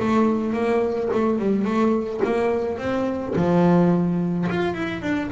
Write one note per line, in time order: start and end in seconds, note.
0.00 0.54 A3
0.54 1.10 A#3
1.13 1.39 A3
1.39 1.65 G3
1.65 2.21 A3
2.25 2.79 A#3
2.79 3.35 C4
3.36 4.48 F3
4.50 4.74 F4
4.74 5.02 E4
5.02 5.30 D4